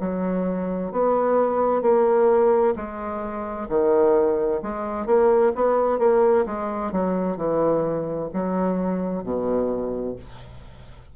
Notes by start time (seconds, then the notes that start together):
0.00 F#3
0.92 B3
1.82 A#3
2.76 G#3
3.69 D#3
4.62 G#3
5.06 A#3
5.55 B3
5.99 A#3
6.46 G#3
6.92 F#3
7.37 E3
8.33 F#3
9.23 B2